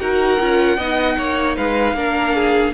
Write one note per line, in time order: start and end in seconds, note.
0.00 0.40 D#4
0.00 0.39 F#4
0.00 0.77 A#4
0.00 1.56 F#5
0.40 0.78 C#4
0.40 0.79 F4
0.77 1.17 B3
0.77 1.97 D#4
0.77 1.16 D#5
1.18 1.57 A#3
1.18 1.57 C#5
1.57 1.94 G#3
1.57 1.96 B4
1.57 2.74 F5
1.94 2.72 A#3
1.94 2.74 D4
1.94 2.35 A#4
2.35 2.74 G#4